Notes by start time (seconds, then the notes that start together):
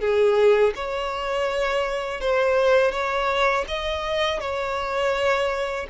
0.00 G#4
0.75 C#5
2.21 C5
2.91 C#5
3.68 D#5
4.40 C#5